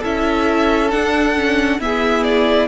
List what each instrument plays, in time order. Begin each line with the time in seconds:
0.00 cello C#4, viola E4, violin A4 E5
0.91 viola D4, cello D4, violin F#5
1.36 viola C#4
1.80 viola B3, cello E4, violin G#4 E5
2.24 violin D5